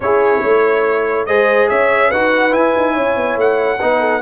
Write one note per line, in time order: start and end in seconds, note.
0.00 0.41 C#4
0.00 1.28 E4
0.00 0.41 G#4
0.00 1.26 C#5
0.41 1.27 A3
0.41 1.26 C#5
1.26 1.69 G#3
1.26 2.12 G#4
1.26 1.69 C5
1.26 1.68 D#5
1.69 2.12 C#4
1.69 2.09 C#5
1.69 2.11 E5
2.09 2.53 D#4
2.09 2.51 F#4
2.09 2.93 B4
2.09 2.53 F#5
2.51 3.78 E4
2.51 2.74 E4
2.51 3.37 G#5
2.76 2.96 D#4
2.93 3.16 C#4
2.93 3.77 C#5
3.16 3.36 B3
3.36 3.78 A3
3.36 4.21 F#5
3.79 4.21 B3
3.79 4.21 D#4
3.79 4.00 B4
4.00 4.21 A4